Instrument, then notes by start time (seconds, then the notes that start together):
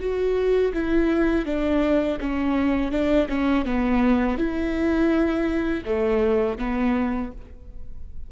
viola
0.00 F#4
0.74 E4
1.46 D4
2.21 C#4
2.92 D4
3.29 C#4
3.66 B3
4.38 E4
5.85 A3
6.59 B3